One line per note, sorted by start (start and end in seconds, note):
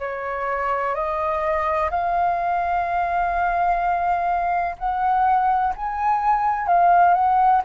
0.00 0.95 C#5
0.95 1.90 D#5
1.91 4.77 F5
4.79 5.74 F#5
5.76 6.68 G#5
6.68 7.14 F5
7.14 7.62 F#5